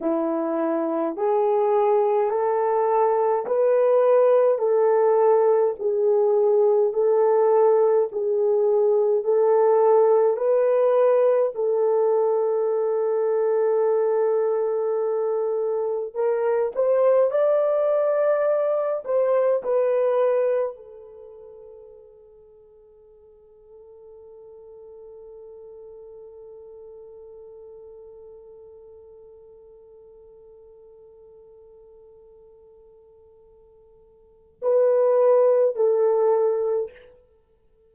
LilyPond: \new Staff \with { instrumentName = "horn" } { \time 4/4 \tempo 4 = 52 e'4 gis'4 a'4 b'4 | a'4 gis'4 a'4 gis'4 | a'4 b'4 a'2~ | a'2 ais'8 c''8 d''4~ |
d''8 c''8 b'4 a'2~ | a'1~ | a'1~ | a'2 b'4 a'4 | }